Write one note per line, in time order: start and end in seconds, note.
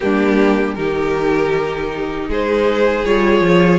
0.00 0.76 G3
0.00 0.76 A#3
0.00 0.78 D4
0.00 0.75 G4
0.75 2.28 D#3
0.75 3.05 D#4
0.75 2.29 G4
0.75 2.26 A#4
2.28 3.04 G#3
2.28 3.79 G#4
2.28 3.05 C5
3.04 3.40 G3
3.04 3.79 F4
3.04 3.79 C#5
3.40 3.78 F3